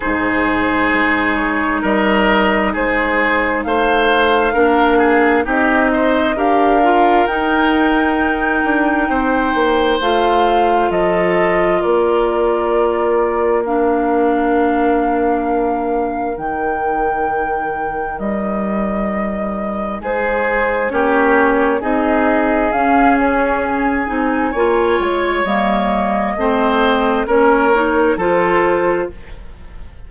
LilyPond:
<<
  \new Staff \with { instrumentName = "flute" } { \time 4/4 \tempo 4 = 66 c''4. cis''8 dis''4 c''4 | f''2 dis''4 f''4 | g''2. f''4 | dis''4 d''2 f''4~ |
f''2 g''2 | dis''2 c''4 cis''4 | dis''4 f''8 cis''8 gis''4. cis''8 | dis''2 cis''4 c''4 | }
  \new Staff \with { instrumentName = "oboe" } { \time 4/4 gis'2 ais'4 gis'4 | c''4 ais'8 gis'8 g'8 c''8 ais'4~ | ais'2 c''2 | a'4 ais'2.~ |
ais'1~ | ais'2 gis'4 g'4 | gis'2. cis''4~ | cis''4 c''4 ais'4 a'4 | }
  \new Staff \with { instrumentName = "clarinet" } { \time 4/4 dis'1~ | dis'4 d'4 dis'4 g'8 f'8 | dis'2. f'4~ | f'2. d'4~ |
d'2 dis'2~ | dis'2. cis'4 | dis'4 cis'4. dis'8 f'4 | ais4 c'4 cis'8 dis'8 f'4 | }
  \new Staff \with { instrumentName = "bassoon" } { \time 4/4 gis,4 gis4 g4 gis4 | a4 ais4 c'4 d'4 | dis'4. d'8 c'8 ais8 a4 | f4 ais2.~ |
ais2 dis2 | g2 gis4 ais4 | c'4 cis'4. c'8 ais8 gis8 | g4 a4 ais4 f4 | }
>>